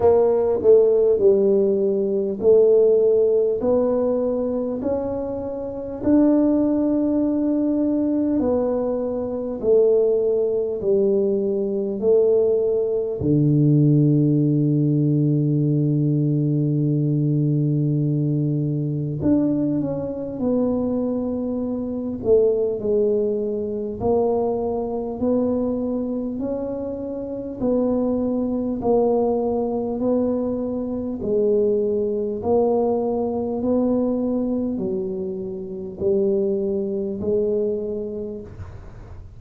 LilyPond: \new Staff \with { instrumentName = "tuba" } { \time 4/4 \tempo 4 = 50 ais8 a8 g4 a4 b4 | cis'4 d'2 b4 | a4 g4 a4 d4~ | d1 |
d'8 cis'8 b4. a8 gis4 | ais4 b4 cis'4 b4 | ais4 b4 gis4 ais4 | b4 fis4 g4 gis4 | }